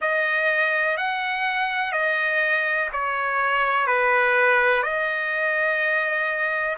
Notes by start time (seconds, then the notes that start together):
0.00 D#5
0.97 F#5
1.92 D#5
2.93 C#5
3.87 B4
4.82 D#5